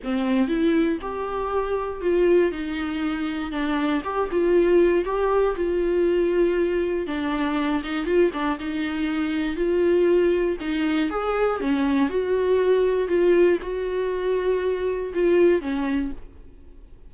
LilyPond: \new Staff \with { instrumentName = "viola" } { \time 4/4 \tempo 4 = 119 c'4 e'4 g'2 | f'4 dis'2 d'4 | g'8 f'4. g'4 f'4~ | f'2 d'4. dis'8 |
f'8 d'8 dis'2 f'4~ | f'4 dis'4 gis'4 cis'4 | fis'2 f'4 fis'4~ | fis'2 f'4 cis'4 | }